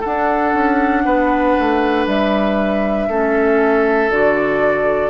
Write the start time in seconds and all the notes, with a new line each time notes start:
0.00 D4 A4 F#5
0.06 D4
0.54 C#4
1.05 B3 B4
1.59 A3
2.06 G3 E5
3.08 A3 C#4 A4
4.10 D3 F#4 D5